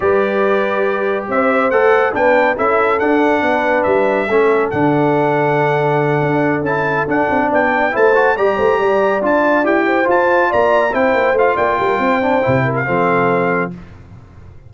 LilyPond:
<<
  \new Staff \with { instrumentName = "trumpet" } { \time 4/4 \tempo 4 = 140 d''2. e''4 | fis''4 g''4 e''4 fis''4~ | fis''4 e''2 fis''4~ | fis''2.~ fis''8 a''8~ |
a''8 fis''4 g''4 a''4 ais''8~ | ais''4. a''4 g''4 a''8~ | a''8 ais''4 g''4 f''8 g''4~ | g''4.~ g''16 f''2~ f''16 | }
  \new Staff \with { instrumentName = "horn" } { \time 4/4 b'2. c''4~ | c''4 b'4 a'2 | b'2 a'2~ | a'1~ |
a'4. d''4 c''4 d''8 | c''8 d''2~ d''8 c''4~ | c''8 d''4 c''4. d''8 ais'8 | c''4. ais'8 a'2 | }
  \new Staff \with { instrumentName = "trombone" } { \time 4/4 g'1 | a'4 d'4 e'4 d'4~ | d'2 cis'4 d'4~ | d'2.~ d'8 e'8~ |
e'8 d'2 e'8 fis'8 g'8~ | g'4. f'4 g'4 f'8~ | f'4. e'4 f'4.~ | f'8 d'8 e'4 c'2 | }
  \new Staff \with { instrumentName = "tuba" } { \time 4/4 g2. c'4 | a4 b4 cis'4 d'4 | b4 g4 a4 d4~ | d2~ d8 d'4 cis'8~ |
cis'8 d'8 c'8 b4 a4 g8 | a8 g4 d'4 e'4 f'8~ | f'8 ais4 c'8 ais8 a8 ais8 g8 | c'4 c4 f2 | }
>>